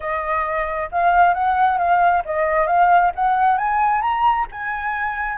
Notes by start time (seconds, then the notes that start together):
0.00 D#5
0.91 F5
1.34 F#5
1.77 F5
2.25 D#5
2.66 F5
3.15 F#5
3.57 G#5
4.01 A#5
4.51 G#5